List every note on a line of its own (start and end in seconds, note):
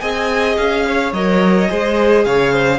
0.00 0.58 C4
0.00 1.13 G#4
0.00 0.86 D#5
0.00 0.56 G#5
0.57 1.13 C#4
0.57 1.13 F5
0.87 1.70 C#5
1.13 1.69 F#3
1.13 1.68 A#4
1.13 2.25 D#5
1.68 2.26 G#3
1.68 2.79 G#4
1.68 2.26 C5
2.25 2.79 C#3
2.25 2.54 C#5
2.25 2.79 F5
2.54 2.79 C5